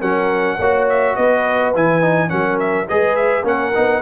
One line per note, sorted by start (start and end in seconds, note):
0.00 0.59 F#3
0.00 0.59 C#4
0.00 0.57 A#4
0.00 0.88 F#5
0.59 1.16 A#3
0.59 1.75 F#4
0.59 1.16 C#5
0.90 1.16 E5
1.16 1.75 B3
1.16 2.30 B4
1.16 1.73 D#5
1.75 2.32 E3
1.75 2.02 E4
1.75 2.30 G#5
2.02 2.29 D#4
2.29 2.89 F#3
2.29 2.86 C#4
2.29 2.88 A#4
2.29 2.58 F#5
2.60 2.88 E5
2.89 3.44 G#3
2.89 3.44 G#4
2.89 3.45 B4
2.89 3.16 D#5
3.16 3.44 E5
3.44 3.72 A#3
3.44 3.73 C#4
3.44 4.02 A#4
3.44 4.02 F#5
3.75 4.02 B3
3.75 4.02 D#4